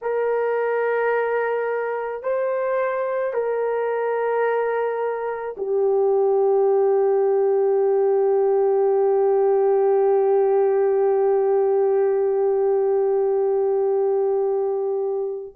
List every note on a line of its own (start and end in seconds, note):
0.02 2.22 A#4
2.22 3.33 C5
3.33 5.56 A#4
5.57 15.55 G4